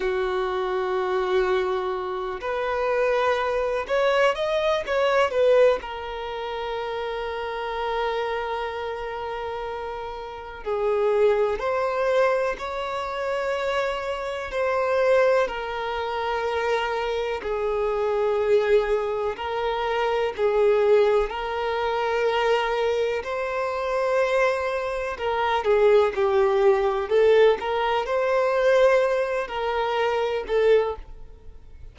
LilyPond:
\new Staff \with { instrumentName = "violin" } { \time 4/4 \tempo 4 = 62 fis'2~ fis'8 b'4. | cis''8 dis''8 cis''8 b'8 ais'2~ | ais'2. gis'4 | c''4 cis''2 c''4 |
ais'2 gis'2 | ais'4 gis'4 ais'2 | c''2 ais'8 gis'8 g'4 | a'8 ais'8 c''4. ais'4 a'8 | }